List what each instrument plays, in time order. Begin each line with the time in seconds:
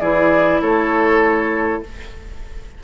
0.00 bassoon E3, clarinet E4, oboe G#4, flute D5
0.61 bassoon A3, oboe A4, flute C#5